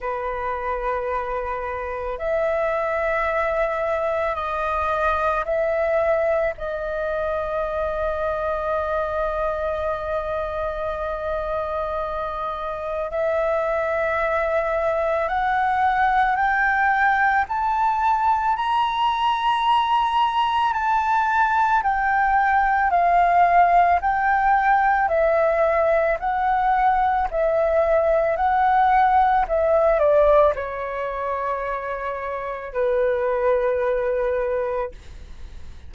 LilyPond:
\new Staff \with { instrumentName = "flute" } { \time 4/4 \tempo 4 = 55 b'2 e''2 | dis''4 e''4 dis''2~ | dis''1 | e''2 fis''4 g''4 |
a''4 ais''2 a''4 | g''4 f''4 g''4 e''4 | fis''4 e''4 fis''4 e''8 d''8 | cis''2 b'2 | }